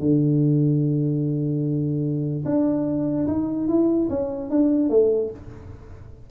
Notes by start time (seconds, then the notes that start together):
0.00 D3
2.45 D4
3.27 D#4
3.68 E4
4.10 C#4
4.50 D4
4.90 A3